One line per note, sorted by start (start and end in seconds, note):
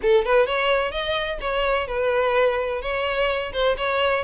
0.02 0.25 A4
0.25 0.46 B4
0.46 0.91 C#5
0.91 1.38 D#5
1.40 1.87 C#5
1.87 2.81 B4
2.81 3.52 C#5
3.53 3.76 C5
3.77 4.23 C#5